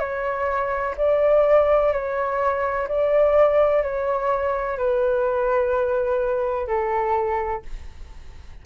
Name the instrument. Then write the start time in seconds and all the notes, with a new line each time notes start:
flute
0.00 C#5
0.98 D5
1.93 C#5
2.88 D5
3.83 C#5
4.78 B4
6.68 A4